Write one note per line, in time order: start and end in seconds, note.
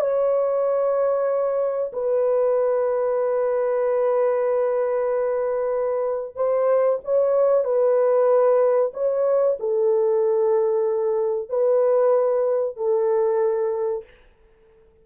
0.00 1.91 C#5
1.93 6.35 B4
6.35 6.99 C5
7.04 7.64 C#5
7.64 8.92 B4
8.94 9.57 C#5
9.59 11.49 A4
11.49 12.76 B4
12.76 14.04 A4